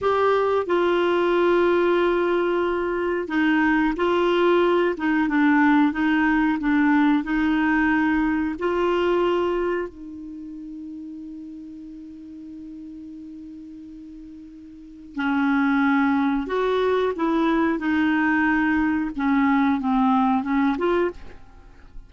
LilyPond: \new Staff \with { instrumentName = "clarinet" } { \time 4/4 \tempo 4 = 91 g'4 f'2.~ | f'4 dis'4 f'4. dis'8 | d'4 dis'4 d'4 dis'4~ | dis'4 f'2 dis'4~ |
dis'1~ | dis'2. cis'4~ | cis'4 fis'4 e'4 dis'4~ | dis'4 cis'4 c'4 cis'8 f'8 | }